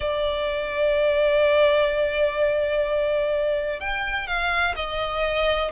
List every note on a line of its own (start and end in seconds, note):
0.00 3.80 D5
3.80 4.27 G5
4.27 4.74 F5
4.75 5.71 D#5